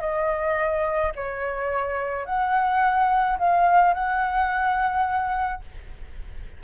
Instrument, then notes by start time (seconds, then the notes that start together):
flute
0.00 D#5
1.15 C#5
2.25 F#5
3.38 F5
3.93 F#5